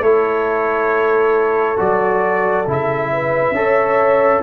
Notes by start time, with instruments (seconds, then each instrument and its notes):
0.00 tuba A3, trombone E4, horn A4, trumpet C#5
1.76 tuba F#3, trombone F#4, trumpet D5
2.66 tuba C#3, trombone E4, trumpet E5
3.12 horn B4
3.51 tuba C#4, trombone A4
3.58 horn C#5